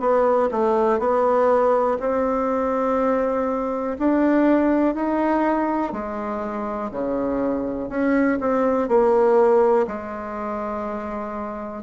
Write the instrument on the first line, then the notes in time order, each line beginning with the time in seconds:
bassoon
0.00 B3
0.51 A3
0.99 B3
2.00 C4
3.99 D4
4.95 D#4
5.93 G#3
6.91 C#3
7.89 C#4
8.41 C4
8.88 A#3
9.88 G#3